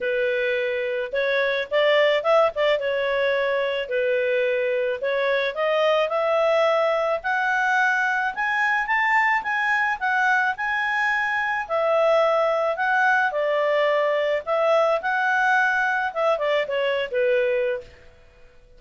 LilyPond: \new Staff \with { instrumentName = "clarinet" } { \time 4/4 \tempo 4 = 108 b'2 cis''4 d''4 | e''8 d''8 cis''2 b'4~ | b'4 cis''4 dis''4 e''4~ | e''4 fis''2 gis''4 |
a''4 gis''4 fis''4 gis''4~ | gis''4 e''2 fis''4 | d''2 e''4 fis''4~ | fis''4 e''8 d''8 cis''8. b'4~ b'16 | }